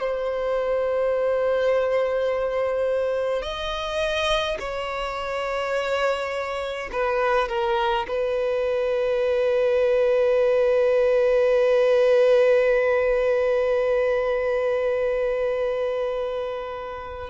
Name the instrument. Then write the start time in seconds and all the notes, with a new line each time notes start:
violin
0.00 C5
3.42 D#5
4.59 C#5
6.92 B4
7.48 A#4
8.08 B4